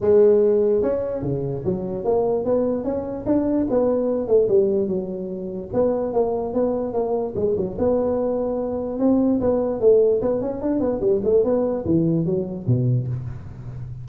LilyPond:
\new Staff \with { instrumentName = "tuba" } { \time 4/4 \tempo 4 = 147 gis2 cis'4 cis4 | fis4 ais4 b4 cis'4 | d'4 b4. a8 g4 | fis2 b4 ais4 |
b4 ais4 gis8 fis8 b4~ | b2 c'4 b4 | a4 b8 cis'8 d'8 b8 g8 a8 | b4 e4 fis4 b,4 | }